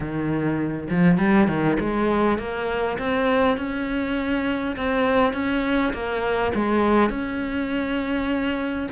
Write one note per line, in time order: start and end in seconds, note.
0.00 0.87 D#3
0.90 1.18 F3
1.18 1.47 G3
1.47 1.77 D#3
1.80 2.38 G#3
2.38 2.98 A#3
2.98 3.57 C4
3.57 4.76 C#4
4.76 5.33 C4
5.33 5.92 C#4
5.93 6.52 A#3
6.54 7.09 G#3
7.09 8.88 C#4